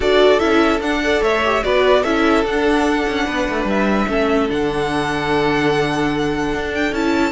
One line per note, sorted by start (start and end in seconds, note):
0.00 0.40 D4
0.00 0.39 F#4
0.00 1.01 A4
0.00 0.39 D5
0.39 0.80 C#4
0.39 0.80 E4
0.39 0.80 E5
0.80 1.21 D4
0.80 1.02 D4
0.80 1.22 F#5
1.03 1.44 A4
1.03 1.23 D5
1.22 1.62 A3
1.22 1.63 C#5
1.22 1.63 E5
1.44 1.63 G4
1.63 2.04 B3
1.63 2.03 F#4
1.63 2.02 B4
1.63 2.03 D5
2.02 2.44 C#4
2.02 2.45 E4
2.02 3.24 A4
2.02 2.44 E5
2.44 3.05 D4
2.44 4.08 D4
2.44 3.68 F#5
3.07 3.27 C#4
3.25 3.48 B3
3.25 4.07 B4
3.48 3.64 A3
3.64 4.05 G3
3.64 4.50 E5
4.08 4.49 A3
4.08 4.48 C#4
4.08 7.31 A4
4.48 6.54 D3
4.48 6.92 D4
4.48 6.74 F#5
6.54 6.92 D4
6.74 6.93 G5
6.92 7.31 C#4
6.92 7.31 E4
6.92 7.31 A5